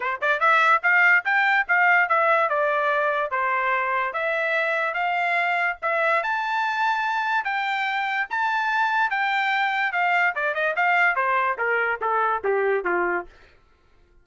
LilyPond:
\new Staff \with { instrumentName = "trumpet" } { \time 4/4 \tempo 4 = 145 c''8 d''8 e''4 f''4 g''4 | f''4 e''4 d''2 | c''2 e''2 | f''2 e''4 a''4~ |
a''2 g''2 | a''2 g''2 | f''4 d''8 dis''8 f''4 c''4 | ais'4 a'4 g'4 f'4 | }